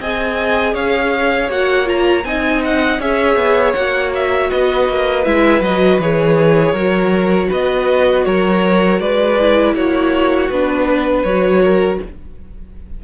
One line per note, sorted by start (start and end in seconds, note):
0.00 0.74 C4
0.00 1.50 G#4
0.00 0.74 D#5
0.00 0.75 G#5
0.74 1.49 C#4
0.74 2.24 C#5
0.74 1.50 F5
1.49 2.24 A#3
1.49 1.85 F#4
1.49 1.88 F#5
1.85 2.22 F4
1.85 2.25 A#5
2.24 2.99 C4
2.24 3.00 D#4
2.24 3.00 D#5
2.24 2.62 G#5
2.64 3.01 F#5
2.99 3.35 C#4
2.99 3.75 G#4
2.99 4.50 C#5
2.99 3.73 E5
3.35 3.73 B3
3.73 4.51 A#3
3.73 5.25 F#4
3.73 4.10 F#5
4.14 4.50 E5
4.50 4.89 B3
4.50 6.72 B4
4.50 5.25 D#5
4.89 5.26 A#3
5.25 5.60 G#3
5.25 5.62 E4
5.25 5.62 E5
5.60 5.98 F#3
5.60 6.01 F#4
5.60 6.00 D#5
5.98 6.73 E3
5.98 6.75 G#4
5.98 7.51 C#5
6.72 7.48 F#3
6.72 9.38 F#4
6.72 7.47 A#4
7.50 8.26 B3
7.50 8.25 B4
7.50 8.25 D#5
8.25 8.99 F#3
8.25 9.01 A#4
8.25 8.99 C#5
8.99 9.74 G#3
8.99 9.74 B4
8.99 9.74 D5
9.39 10.51 E4
9.74 10.49 A#3
9.74 10.87 F#4
9.74 10.49 C#5
10.49 11.24 B3
10.49 11.27 D4
10.49 11.23 B4
10.89 11.62 B4
11.23 11.99 F#3
11.23 12.04 F#4
11.23 11.98 C#5
11.62 12.00 A#4